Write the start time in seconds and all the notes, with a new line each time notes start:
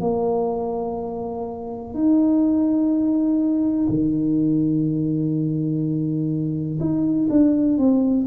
0.00 A#3
1.94 D#4
3.88 D#3
6.80 D#4
7.29 D4
7.78 C4